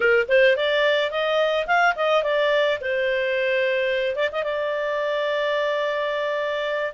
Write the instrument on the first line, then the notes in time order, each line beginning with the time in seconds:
clarinet
0.00 A#4
0.28 C5
0.56 D5
1.10 D#5
1.66 F5
1.95 D#5
2.23 D5
2.81 C5
4.15 D5
4.32 D#5
4.43 D5